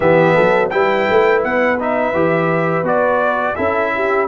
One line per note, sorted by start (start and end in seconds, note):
0.00 0.36 E3
0.00 0.70 B3
0.00 0.34 G4
0.00 0.69 E5
0.34 0.72 F#3
0.34 0.70 A4
0.70 1.08 G3
0.70 1.78 E4
0.70 3.56 B4
0.70 1.41 G5
1.09 1.44 A3
1.43 2.13 B3
1.43 1.79 F#5
1.80 2.14 D#4
1.80 2.86 E5
2.13 2.83 E3
2.13 2.84 G4
2.83 3.54 B3
2.83 3.55 F#4
2.83 3.55 D5
3.55 4.28 C#4
3.55 4.28 E4
3.55 3.92 A4
3.55 4.27 E5
3.95 4.28 G4